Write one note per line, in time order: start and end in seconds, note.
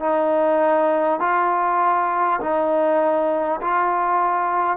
0.00 1.19 D#4
1.19 2.39 F4
2.41 3.61 D#4
3.61 4.77 F4